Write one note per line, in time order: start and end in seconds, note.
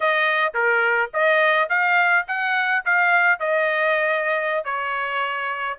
0.00 0.53 D#5
0.54 1.10 A#4
1.13 1.69 D#5
1.69 2.25 F5
2.27 2.84 F#5
2.85 3.39 F5
3.39 4.64 D#5
4.64 5.78 C#5